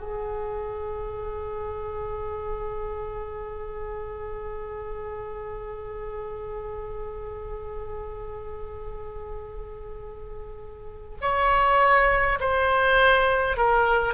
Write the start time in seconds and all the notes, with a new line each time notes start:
0.00 G#4
11.21 C#5
12.40 C5
13.57 A#4